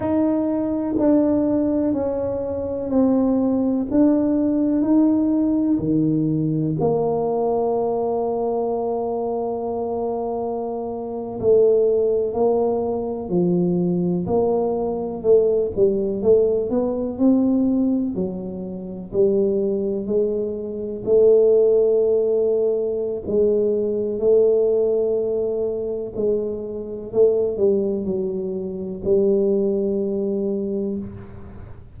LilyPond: \new Staff \with { instrumentName = "tuba" } { \time 4/4 \tempo 4 = 62 dis'4 d'4 cis'4 c'4 | d'4 dis'4 dis4 ais4~ | ais2.~ ais8. a16~ | a8. ais4 f4 ais4 a16~ |
a16 g8 a8 b8 c'4 fis4 g16~ | g8. gis4 a2~ a16 | gis4 a2 gis4 | a8 g8 fis4 g2 | }